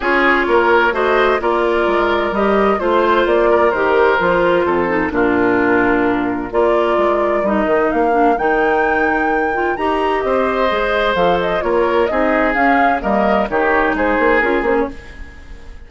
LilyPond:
<<
  \new Staff \with { instrumentName = "flute" } { \time 4/4 \tempo 4 = 129 cis''2 dis''4 d''4~ | d''4 dis''4 c''4 d''4 | c''2. ais'4~ | ais'2 d''2 |
dis''4 f''4 g''2~ | g''4 ais''4 dis''2 | f''8 dis''8 cis''4 dis''4 f''4 | dis''4 cis''4 c''4 ais'8 c''16 cis''16 | }
  \new Staff \with { instrumentName = "oboe" } { \time 4/4 gis'4 ais'4 c''4 ais'4~ | ais'2 c''4. ais'8~ | ais'2 a'4 f'4~ | f'2 ais'2~ |
ais'1~ | ais'2 c''2~ | c''4 ais'4 gis'2 | ais'4 g'4 gis'2 | }
  \new Staff \with { instrumentName = "clarinet" } { \time 4/4 f'2 fis'4 f'4~ | f'4 g'4 f'2 | g'4 f'4. dis'8 d'4~ | d'2 f'2 |
dis'4. d'8 dis'2~ | dis'8 f'8 g'2 gis'4 | a'4 f'4 dis'4 cis'4 | ais4 dis'2 f'8 cis'8 | }
  \new Staff \with { instrumentName = "bassoon" } { \time 4/4 cis'4 ais4 a4 ais4 | gis4 g4 a4 ais4 | dis4 f4 f,4 ais,4~ | ais,2 ais4 gis4 |
g8 dis8 ais4 dis2~ | dis4 dis'4 c'4 gis4 | f4 ais4 c'4 cis'4 | g4 dis4 gis8 ais8 cis'8 ais8 | }
>>